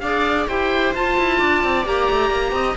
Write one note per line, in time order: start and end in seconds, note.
0.00 0.47 D4
0.00 0.49 G#4
0.00 0.48 D5
0.00 0.45 F5
0.48 0.95 E4
0.48 0.95 G4
0.48 1.38 C5
0.48 0.95 G5
0.95 1.18 F4
0.95 1.85 F4
0.95 1.86 A5
1.18 1.41 E4
1.38 1.64 D4
1.38 2.52 D5
1.64 1.86 C4
1.85 2.09 A#3
1.85 2.76 G4
1.85 2.77 A#5
2.11 2.31 A3
2.31 2.52 A#3
2.52 2.75 C4
2.52 2.77 D#5